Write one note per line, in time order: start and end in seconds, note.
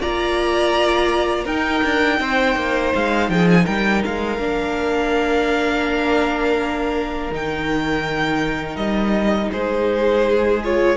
0.00 1.45 A#3
0.00 1.46 F4
0.00 1.44 D5
0.00 1.46 A#5
1.44 1.82 D#4
1.44 4.39 D#4
1.44 2.17 A#4
1.44 2.93 G5
1.84 2.20 D4
2.20 2.55 C4
2.20 3.31 C5
2.55 2.92 A#3
2.95 3.29 G#3
2.95 3.29 F5
3.29 3.65 F3
3.29 3.65 G#4
3.29 3.48 G5
3.50 3.66 G#5
3.65 4.04 G3
3.65 9.50 A#4
3.65 4.02 G5
4.04 4.38 G#3
4.04 7.34 F5
4.38 7.30 A#3
4.38 7.31 D4
7.31 8.76 D#3
7.31 10.62 D#4
7.31 8.76 G5
8.76 9.49 G3
8.76 9.49 D#5
9.51 10.97 G#3
9.51 10.97 G#4
9.51 10.62 C5
10.63 10.97 F4
10.63 10.97 C#5